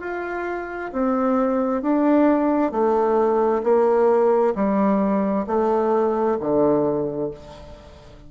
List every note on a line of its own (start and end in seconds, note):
0.00 0.91 F4
0.92 1.82 C4
1.82 2.71 D4
2.71 3.62 A3
3.63 4.54 A#3
4.55 5.46 G3
5.46 6.37 A3
6.40 7.31 D3